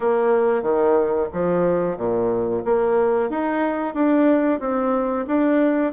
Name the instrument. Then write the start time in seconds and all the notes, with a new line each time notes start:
bassoon
0.00 A#3
0.62 D#3
1.32 F3
1.97 A#2
2.64 A#3
3.29 D#4
3.94 D4
4.60 C4
5.27 D4